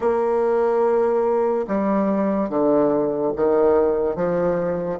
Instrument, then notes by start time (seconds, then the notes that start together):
bassoon
0.00 A#3
1.67 G3
2.48 D3
3.36 D#3
4.15 F3